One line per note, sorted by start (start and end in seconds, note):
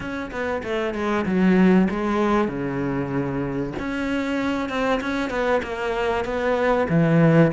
0.00 0.31 C#4
0.31 0.62 B3
0.63 0.94 A3
0.94 1.25 G#3
1.25 1.88 F#3
1.90 2.48 G#3
2.48 3.73 C#3
3.79 4.69 C#4
4.69 5.00 C4
5.01 5.30 C#4
5.30 5.61 B3
5.62 6.24 A#3
6.24 6.87 B3
6.89 7.51 E3